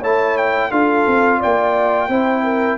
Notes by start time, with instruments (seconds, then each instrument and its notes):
0.00 tuba A3, trombone E4, horn C#5, trumpet A5
0.38 trumpet G5
0.71 tuba D4, trombone F4, horn A4, trumpet F5
1.07 tuba C4
1.39 tuba A#3, horn D5, trumpet G5
2.09 tuba C4, trombone E4, horn C5
2.44 horn A#4